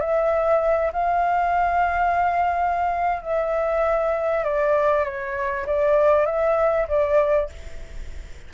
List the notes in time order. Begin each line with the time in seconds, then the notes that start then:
0.00 E5
0.92 F5
3.22 E5
4.44 D5
5.04 C#5
5.66 D5
6.26 E5
6.88 D5